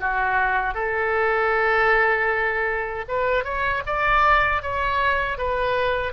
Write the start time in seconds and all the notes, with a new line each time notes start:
0.00 F#4
0.74 A4
3.08 B4
3.44 C#5
3.86 D5
4.62 C#5
5.38 B4